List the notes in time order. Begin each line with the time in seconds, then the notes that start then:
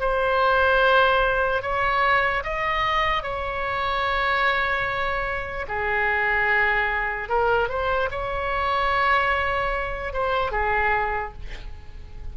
0.00 C5
1.62 C#5
2.43 D#5
3.22 C#5
5.68 G#4
7.29 A#4
7.68 C5
8.10 C#5
10.13 C5
10.51 G#4